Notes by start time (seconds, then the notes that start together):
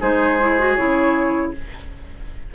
0.00 G#3 D#4 G#4 C5
0.41 E4
0.59 F#4
0.75 C#3 E4 C#5